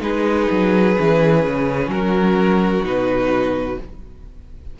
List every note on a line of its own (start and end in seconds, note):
0.00 0.47 G#3
0.00 0.94 D#4
0.00 1.90 G#4
0.00 1.90 B4
0.51 0.97 F#3
0.97 1.46 E3
0.97 2.84 C#4
1.46 1.87 C#3
1.87 2.81 F#3
1.87 3.79 F#4
1.87 2.85 A#4
2.84 3.77 B2
2.84 3.77 D#4
2.84 3.80 B4